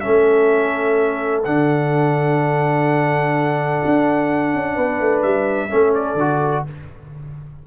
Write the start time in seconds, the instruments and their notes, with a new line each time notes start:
0.00 trombone C#4, horn A4, trumpet E5
0.07 tuba A3
1.44 tuba D3, trombone D4, trumpet F#5
3.85 tuba D4
4.54 tuba C#4
4.75 tuba B3, horn B4
5.00 tuba A3
5.22 tuba G3, trumpet E5
5.69 tuba A3, trombone C#4, horn A4
5.94 trumpet D5
6.14 tuba D3, trombone F#4